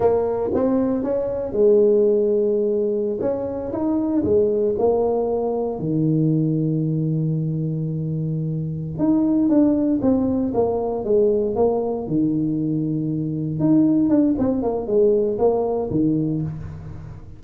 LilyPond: \new Staff \with { instrumentName = "tuba" } { \time 4/4 \tempo 4 = 117 ais4 c'4 cis'4 gis4~ | gis2~ gis16 cis'4 dis'8.~ | dis'16 gis4 ais2 dis8.~ | dis1~ |
dis4. dis'4 d'4 c'8~ | c'8 ais4 gis4 ais4 dis8~ | dis2~ dis8 dis'4 d'8 | c'8 ais8 gis4 ais4 dis4 | }